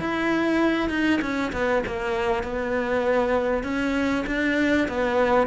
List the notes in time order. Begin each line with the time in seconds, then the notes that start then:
0.00 E4
0.90 D#4
1.21 C#4
1.53 B3
1.87 A#3
2.44 B3
3.63 C#4
4.27 D4
4.88 B3